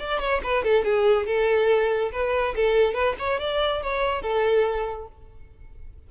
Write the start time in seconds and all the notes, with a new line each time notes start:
0.00 D5
0.20 C#5
0.44 B4
0.64 A4
0.85 G#4
1.27 A4
2.13 B4
2.56 A4
2.95 B4
3.19 C#5
3.41 D5
3.83 C#5
4.23 A4